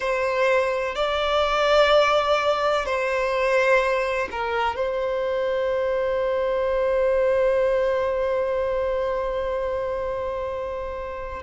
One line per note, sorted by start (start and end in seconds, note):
0.00 0.95 C5
0.95 2.85 D5
2.85 4.28 C5
4.31 4.76 A#4
4.76 11.42 C5